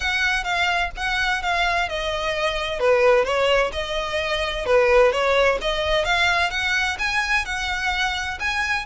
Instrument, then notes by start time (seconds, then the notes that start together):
violin
0.00 F#5
0.43 F5
0.96 F#5
1.42 F5
1.88 D#5
2.79 B4
3.24 C#5
3.72 D#5
4.65 B4
5.12 C#5
5.61 D#5
6.05 F5
6.50 F#5
6.99 G#5
7.45 F#5
8.39 G#5